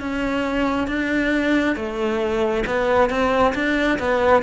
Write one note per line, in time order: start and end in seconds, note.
0.00 0.87 C#4
0.87 1.76 D4
1.76 2.64 A3
2.66 3.10 B3
3.10 3.54 C4
3.55 3.99 D4
3.99 4.43 B3